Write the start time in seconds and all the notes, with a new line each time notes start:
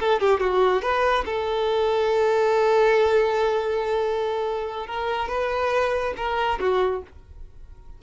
0.00 A4
0.20 G4
0.40 F#4
0.82 B4
1.26 A4
4.87 A#4
5.29 B4
6.17 A#4
6.61 F#4